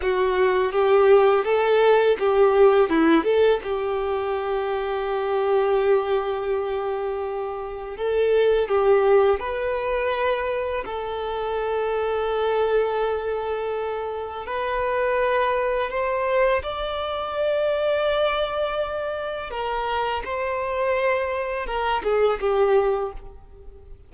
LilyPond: \new Staff \with { instrumentName = "violin" } { \time 4/4 \tempo 4 = 83 fis'4 g'4 a'4 g'4 | e'8 a'8 g'2.~ | g'2. a'4 | g'4 b'2 a'4~ |
a'1 | b'2 c''4 d''4~ | d''2. ais'4 | c''2 ais'8 gis'8 g'4 | }